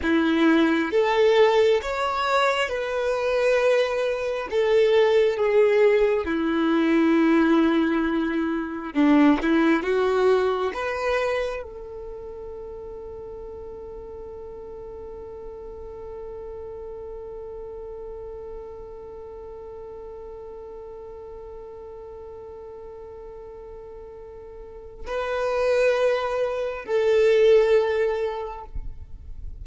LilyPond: \new Staff \with { instrumentName = "violin" } { \time 4/4 \tempo 4 = 67 e'4 a'4 cis''4 b'4~ | b'4 a'4 gis'4 e'4~ | e'2 d'8 e'8 fis'4 | b'4 a'2.~ |
a'1~ | a'1~ | a'1 | b'2 a'2 | }